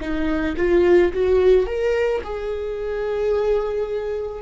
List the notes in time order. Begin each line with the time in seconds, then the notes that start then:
0.00 D#4
0.57 F4
1.13 F#4
1.66 A#4
2.24 G#4